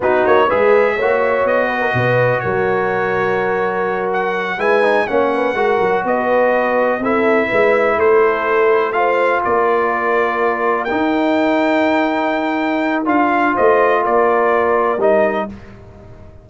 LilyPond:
<<
  \new Staff \with { instrumentName = "trumpet" } { \time 4/4 \tempo 4 = 124 b'8 cis''8 e''2 dis''4~ | dis''4 cis''2.~ | cis''8 fis''4 gis''4 fis''4.~ | fis''8 dis''2 e''4.~ |
e''8 c''2 f''4 d''8~ | d''2~ d''8 g''4.~ | g''2. f''4 | dis''4 d''2 dis''4 | }
  \new Staff \with { instrumentName = "horn" } { \time 4/4 fis'4 b'4 cis''4. b'16 ais'16 | b'4 ais'2.~ | ais'4. b'4 cis''8 b'8 ais'8~ | ais'8 b'2 a'4 b'8~ |
b'8 a'2 c''4 ais'8~ | ais'1~ | ais'1 | c''4 ais'2. | }
  \new Staff \with { instrumentName = "trombone" } { \time 4/4 dis'4 gis'4 fis'2~ | fis'1~ | fis'4. e'8 dis'8 cis'4 fis'8~ | fis'2~ fis'8 e'4.~ |
e'2~ e'8 f'4.~ | f'2~ f'8 dis'4.~ | dis'2. f'4~ | f'2. dis'4 | }
  \new Staff \with { instrumentName = "tuba" } { \time 4/4 b8 ais8 gis4 ais4 b4 | b,4 fis2.~ | fis4. gis4 ais4 gis8 | fis8 b2 c'4 gis8~ |
gis8 a2. ais8~ | ais2~ ais8 dis'4.~ | dis'2. d'4 | a4 ais2 g4 | }
>>